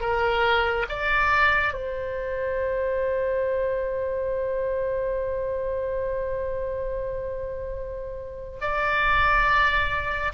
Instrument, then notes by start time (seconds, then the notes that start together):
oboe
0.00 A#4
0.88 D5
1.73 C5
8.61 D5